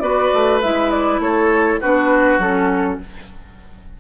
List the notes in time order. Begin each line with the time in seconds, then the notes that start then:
0.00 B3 F#4 B4 D5
0.34 A3
0.62 G#3 E4 E5
0.91 D5
1.19 A3 A4 C#5
1.80 B3 D4 F#4 B4
2.38 F#3 C#4 A4